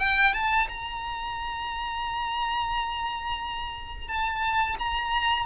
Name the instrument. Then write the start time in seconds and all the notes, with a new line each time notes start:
violin
0.00 G5
0.34 A5
0.69 A#5
4.08 A5
4.79 A#5